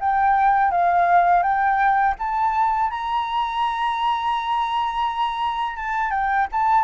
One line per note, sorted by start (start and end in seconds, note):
0.00 0.71 G5
0.71 1.43 F5
1.43 2.15 G5
2.19 2.90 A5
2.90 5.76 A#5
5.76 6.11 A5
6.11 6.47 G5
6.52 6.84 A5